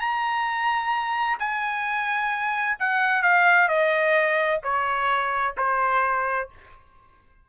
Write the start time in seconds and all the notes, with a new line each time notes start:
0.00 A#5
1.39 G#5
2.79 F#5
3.23 F5
3.68 D#5
4.63 C#5
5.57 C5